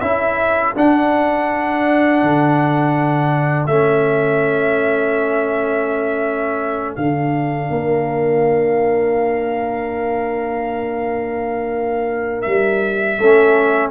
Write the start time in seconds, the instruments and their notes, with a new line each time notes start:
0.00 tuba C#4, trombone E4, horn A4, trumpet E5
0.76 trombone D4, tuba D4, trumpet F#5
2.23 tuba D3
3.66 tuba A3, trombone C#4, trumpet E5
6.95 tuba D3, trombone D4, trumpet F5
7.70 tuba A#3, horn A#4
12.42 tuba G3, trumpet E5
13.19 tuba A3, trombone C#4, horn A4